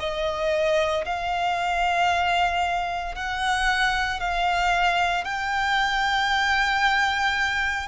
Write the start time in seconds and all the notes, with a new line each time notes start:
0.00 D#5
1.06 F5
3.16 F#5
4.21 F5
5.25 G5